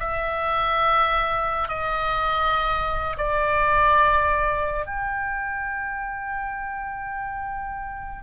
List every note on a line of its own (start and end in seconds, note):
0.00 1.69 E5
1.69 3.17 D#5
3.18 4.86 D5
4.86 8.24 G5